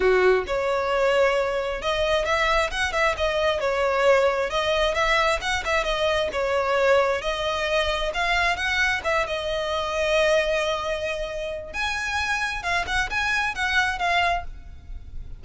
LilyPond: \new Staff \with { instrumentName = "violin" } { \time 4/4 \tempo 4 = 133 fis'4 cis''2. | dis''4 e''4 fis''8 e''8 dis''4 | cis''2 dis''4 e''4 | fis''8 e''8 dis''4 cis''2 |
dis''2 f''4 fis''4 | e''8 dis''2.~ dis''8~ | dis''2 gis''2 | f''8 fis''8 gis''4 fis''4 f''4 | }